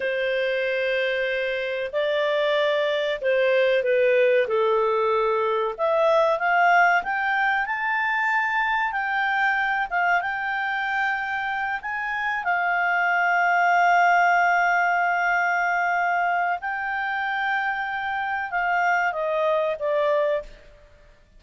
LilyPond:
\new Staff \with { instrumentName = "clarinet" } { \time 4/4 \tempo 4 = 94 c''2. d''4~ | d''4 c''4 b'4 a'4~ | a'4 e''4 f''4 g''4 | a''2 g''4. f''8 |
g''2~ g''8 gis''4 f''8~ | f''1~ | f''2 g''2~ | g''4 f''4 dis''4 d''4 | }